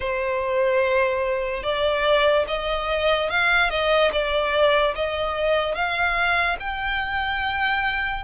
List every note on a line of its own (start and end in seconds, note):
0.00 1.63 C5
1.63 2.45 D5
2.47 3.30 D#5
3.30 3.69 F5
3.69 4.11 D#5
4.12 4.94 D5
4.95 5.74 D#5
5.74 6.56 F5
6.59 8.23 G5